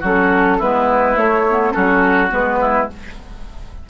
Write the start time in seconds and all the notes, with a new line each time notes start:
0.00 F#3 C#4 F#4 A4
0.59 G#3 B3 E4 B4
1.15 A3 C#5
1.50 B3
1.71 F#3 C#4 F#4 A4
2.30 G#3 B3 B4
2.60 E4